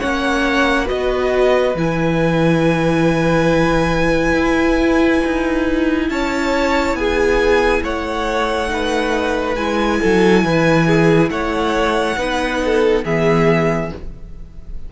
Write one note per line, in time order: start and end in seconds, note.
0.00 0.90 A#3
0.00 0.86 C#4
0.00 0.85 C#5
0.00 0.87 F#5
0.85 1.75 B3
0.85 1.73 F#4
0.85 6.07 B4
0.85 1.76 D#5
1.75 4.33 E3
1.75 8.68 E4
1.75 6.10 G#5
4.33 5.20 E4
5.24 6.10 D#4
6.10 6.94 C#4
6.10 6.99 C#5
6.10 6.96 A5
6.94 7.81 B3
6.94 7.84 G#4
6.94 7.83 G#5
7.83 9.56 A3
7.83 8.70 C#5
7.83 9.55 F#5
8.68 9.55 D#4
8.68 10.01 B4
9.55 10.00 G#3
9.55 12.17 E4
9.55 11.29 G#5
10.01 10.44 F#3
10.01 10.44 A4
10.44 11.30 E3
10.44 10.87 B4
10.87 11.30 G#4
11.30 12.17 A3
11.30 12.18 C#5
11.30 13.04 F#5
12.17 13.04 B3
12.17 13.04 D#4
12.17 12.61 B4
12.65 13.05 A4
13.04 13.92 E3
13.04 13.91 B3
13.04 13.92 G#4
13.04 13.92 E5